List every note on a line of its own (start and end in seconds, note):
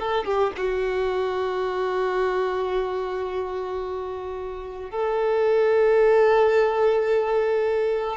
0.00 0.25 A4
0.25 0.52 G4
0.58 4.91 F#4
4.91 8.17 A4